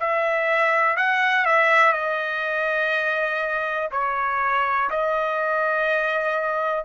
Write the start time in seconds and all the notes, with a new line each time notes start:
0.00 E5
0.97 F#5
1.45 E5
1.93 D#5
3.91 C#5
4.90 D#5